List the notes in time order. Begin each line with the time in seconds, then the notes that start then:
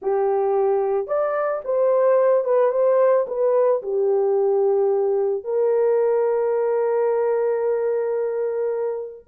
0.01 G4
1.07 D5
1.64 C5
2.44 B4
2.71 C5
3.27 B4
3.82 G4
5.43 A#4